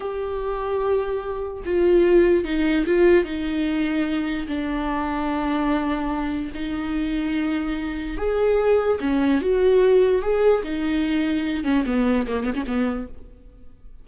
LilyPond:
\new Staff \with { instrumentName = "viola" } { \time 4/4 \tempo 4 = 147 g'1 | f'2 dis'4 f'4 | dis'2. d'4~ | d'1 |
dis'1 | gis'2 cis'4 fis'4~ | fis'4 gis'4 dis'2~ | dis'8 cis'8 b4 ais8 b16 cis'16 b4 | }